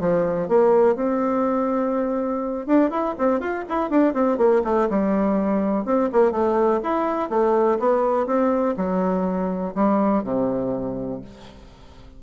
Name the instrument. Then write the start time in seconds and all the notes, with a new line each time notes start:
bassoon
0.00 F3
0.48 A#3
0.96 C4
2.66 D4
2.90 E4
3.18 C4
3.40 F4
3.69 E4
3.90 D4
4.13 C4
4.37 A#3
4.64 A3
4.90 G3
5.85 C4
6.12 A#3
6.31 A3
6.83 E4
7.29 A3
7.79 B3
8.26 C4
8.77 F#3
9.74 G3
10.23 C3